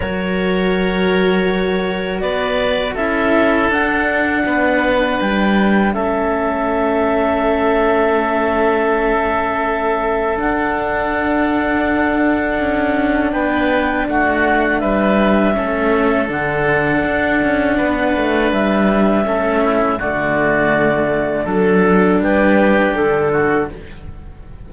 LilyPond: <<
  \new Staff \with { instrumentName = "clarinet" } { \time 4/4 \tempo 4 = 81 cis''2. d''4 | e''4 fis''2 g''4 | e''1~ | e''2 fis''2~ |
fis''2 g''4 fis''4 | e''2 fis''2~ | fis''4 e''2 d''4~ | d''4 a'4 b'4 a'4 | }
  \new Staff \with { instrumentName = "oboe" } { \time 4/4 ais'2. b'4 | a'2 b'2 | a'1~ | a'1~ |
a'2 b'4 fis'4 | b'4 a'2. | b'2 a'8 e'8 fis'4~ | fis'4 a'4 g'4. fis'8 | }
  \new Staff \with { instrumentName = "cello" } { \time 4/4 fis'1 | e'4 d'2. | cis'1~ | cis'2 d'2~ |
d'1~ | d'4 cis'4 d'2~ | d'2 cis'4 a4~ | a4 d'2. | }
  \new Staff \with { instrumentName = "cello" } { \time 4/4 fis2. b4 | cis'4 d'4 b4 g4 | a1~ | a2 d'2~ |
d'4 cis'4 b4 a4 | g4 a4 d4 d'8 cis'8 | b8 a8 g4 a4 d4~ | d4 fis4 g4 d4 | }
>>